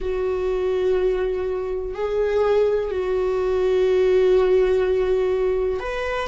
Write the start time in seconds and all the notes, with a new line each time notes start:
0.00 F#4
1.94 G#4
2.90 F#4
5.79 B4